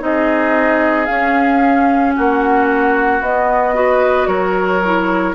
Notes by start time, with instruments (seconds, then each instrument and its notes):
0.00 bassoon C4, clarinet D#4, oboe G#4, flute D#5
1.06 clarinet C#4, bassoon C#4, flute F5
2.16 bassoon A#3, oboe F#4, flute F#5
3.21 bassoon B3, clarinet B3, flute D#5
3.75 clarinet F#4, oboe B4
4.27 bassoon F#3, oboe A#4, flute C#5
4.85 clarinet E4